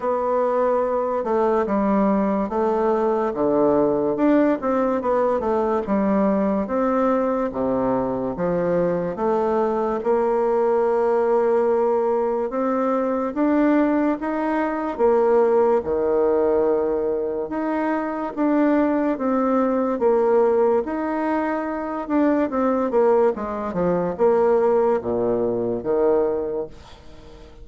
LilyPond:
\new Staff \with { instrumentName = "bassoon" } { \time 4/4 \tempo 4 = 72 b4. a8 g4 a4 | d4 d'8 c'8 b8 a8 g4 | c'4 c4 f4 a4 | ais2. c'4 |
d'4 dis'4 ais4 dis4~ | dis4 dis'4 d'4 c'4 | ais4 dis'4. d'8 c'8 ais8 | gis8 f8 ais4 ais,4 dis4 | }